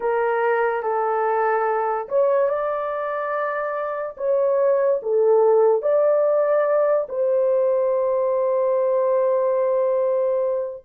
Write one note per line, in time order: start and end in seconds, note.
0.00 0.83 A#4
0.83 2.08 A4
2.08 2.48 C#5
2.48 4.15 D5
4.17 5.00 C#5
5.02 5.82 A4
5.82 7.07 D5
7.08 10.83 C5